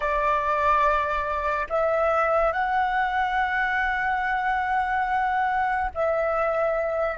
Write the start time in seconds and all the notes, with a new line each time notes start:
0.00 D5
1.69 E5
2.52 F#5
5.94 E5